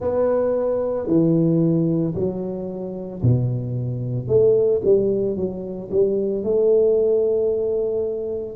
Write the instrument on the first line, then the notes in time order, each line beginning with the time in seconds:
tuba
0.00 B3
1.07 E3
2.14 F#3
3.22 B2
4.27 A3
4.84 G3
5.36 F#3
5.91 G3
6.43 A3